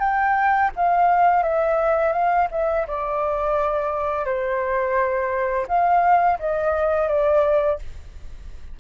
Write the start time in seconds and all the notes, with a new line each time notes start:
0.00 G5
0.77 F5
1.43 E5
2.13 F5
2.52 E5
2.87 D5
4.25 C5
5.68 F5
6.40 D#5
7.09 D5